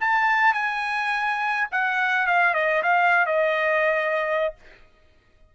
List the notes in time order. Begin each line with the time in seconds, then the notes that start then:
0.00 A5
0.53 G#5
1.71 F#5
2.27 F5
2.54 D#5
2.83 F5
3.26 D#5